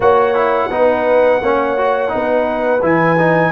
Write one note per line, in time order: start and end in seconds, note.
0.00 0.69 A#3
0.00 0.35 F#4
0.00 0.70 C#5
0.00 2.83 F#5
0.35 0.70 E4
0.70 1.41 B3
0.70 1.41 D#4
0.70 1.42 B4
1.42 2.12 A#3
1.42 1.77 C#4
1.42 2.12 C#5
1.77 2.08 F#4
2.08 2.79 D#4
2.14 2.82 B3
2.14 3.52 B4
2.81 3.52 E3
2.81 3.17 E4
2.81 3.52 G#5
3.18 3.52 D#4